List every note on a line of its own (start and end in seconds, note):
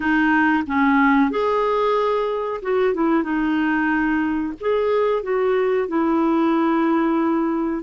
0.00 0.63 D#4
0.66 1.30 C#4
1.30 2.61 G#4
2.61 2.93 F#4
2.93 3.23 E4
3.23 4.53 D#4
4.60 5.22 G#4
5.22 5.88 F#4
5.88 7.83 E4